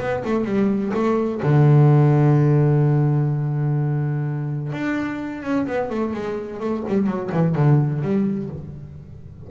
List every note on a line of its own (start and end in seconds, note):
0.00 0.24 B3
0.25 0.45 A3
0.45 0.93 G3
0.94 1.42 A3
1.43 4.73 D3
4.73 5.43 D4
5.43 5.67 C#4
5.67 5.91 B3
5.91 6.14 A3
6.14 6.60 G#3
6.60 6.84 A3
6.88 7.07 G3
7.07 7.30 F#3
7.32 7.56 E3
7.56 8.03 D3
8.03 8.50 G3